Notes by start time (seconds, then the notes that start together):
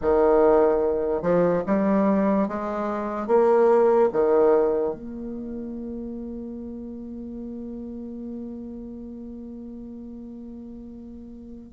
0.01 D#3
1.22 F3
1.66 G3
2.48 G#3
3.27 A#3
4.12 D#3
4.94 A#3